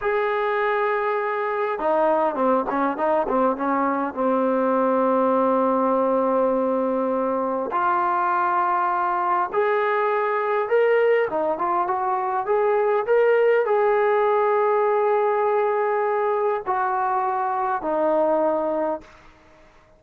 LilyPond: \new Staff \with { instrumentName = "trombone" } { \time 4/4 \tempo 4 = 101 gis'2. dis'4 | c'8 cis'8 dis'8 c'8 cis'4 c'4~ | c'1~ | c'4 f'2. |
gis'2 ais'4 dis'8 f'8 | fis'4 gis'4 ais'4 gis'4~ | gis'1 | fis'2 dis'2 | }